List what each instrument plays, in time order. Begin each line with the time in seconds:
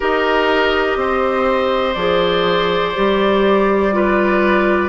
0.00 bassoon D#4, clarinet G4, oboe A#4, flute D#5
0.96 bassoon C4, oboe C5
1.94 bassoon F3, clarinet G#4, flute D5
2.94 bassoon G3, clarinet G4
3.92 clarinet F4, oboe B4